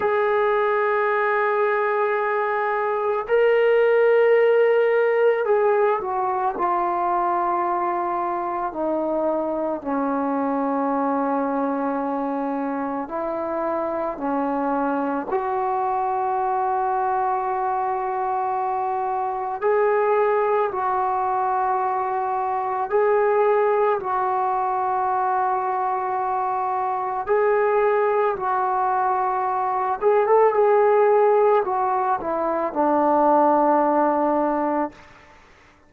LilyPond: \new Staff \with { instrumentName = "trombone" } { \time 4/4 \tempo 4 = 55 gis'2. ais'4~ | ais'4 gis'8 fis'8 f'2 | dis'4 cis'2. | e'4 cis'4 fis'2~ |
fis'2 gis'4 fis'4~ | fis'4 gis'4 fis'2~ | fis'4 gis'4 fis'4. gis'16 a'16 | gis'4 fis'8 e'8 d'2 | }